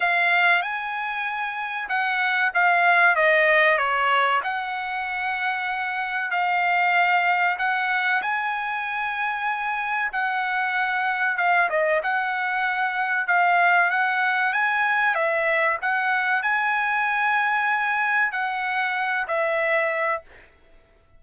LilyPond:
\new Staff \with { instrumentName = "trumpet" } { \time 4/4 \tempo 4 = 95 f''4 gis''2 fis''4 | f''4 dis''4 cis''4 fis''4~ | fis''2 f''2 | fis''4 gis''2. |
fis''2 f''8 dis''8 fis''4~ | fis''4 f''4 fis''4 gis''4 | e''4 fis''4 gis''2~ | gis''4 fis''4. e''4. | }